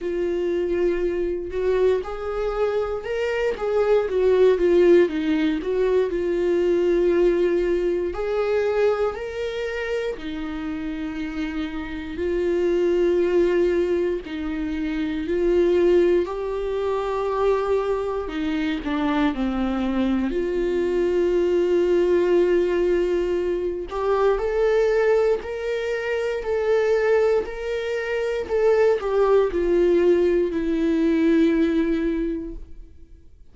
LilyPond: \new Staff \with { instrumentName = "viola" } { \time 4/4 \tempo 4 = 59 f'4. fis'8 gis'4 ais'8 gis'8 | fis'8 f'8 dis'8 fis'8 f'2 | gis'4 ais'4 dis'2 | f'2 dis'4 f'4 |
g'2 dis'8 d'8 c'4 | f'2.~ f'8 g'8 | a'4 ais'4 a'4 ais'4 | a'8 g'8 f'4 e'2 | }